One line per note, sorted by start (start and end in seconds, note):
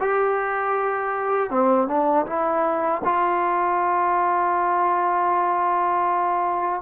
0.00 1.50 G4
1.50 1.87 C4
1.87 2.25 D4
2.26 3.02 E4
3.04 6.82 F4